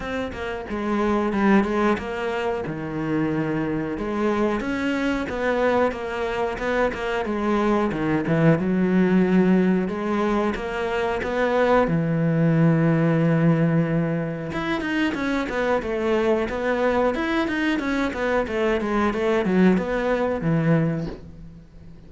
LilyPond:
\new Staff \with { instrumentName = "cello" } { \time 4/4 \tempo 4 = 91 c'8 ais8 gis4 g8 gis8 ais4 | dis2 gis4 cis'4 | b4 ais4 b8 ais8 gis4 | dis8 e8 fis2 gis4 |
ais4 b4 e2~ | e2 e'8 dis'8 cis'8 b8 | a4 b4 e'8 dis'8 cis'8 b8 | a8 gis8 a8 fis8 b4 e4 | }